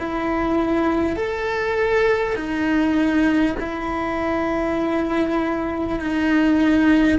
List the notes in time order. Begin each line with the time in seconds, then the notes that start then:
0.00 E4
1.17 A4
2.36 D#4
3.60 E4
6.00 D#4